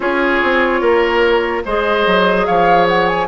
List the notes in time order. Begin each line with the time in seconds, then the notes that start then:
0.00 C#4 F4 G#4 C#5
0.42 C4
0.80 A#3 A#4
1.65 G#3 G#4 C5 D#5
2.06 F#3
2.45 F3 C#5 F5
2.88 F#5
3.07 G#5